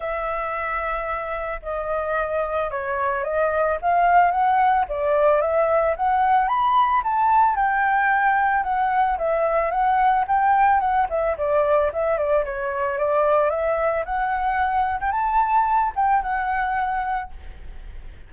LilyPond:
\new Staff \with { instrumentName = "flute" } { \time 4/4 \tempo 4 = 111 e''2. dis''4~ | dis''4 cis''4 dis''4 f''4 | fis''4 d''4 e''4 fis''4 | b''4 a''4 g''2 |
fis''4 e''4 fis''4 g''4 | fis''8 e''8 d''4 e''8 d''8 cis''4 | d''4 e''4 fis''4.~ fis''16 g''16 | a''4. g''8 fis''2 | }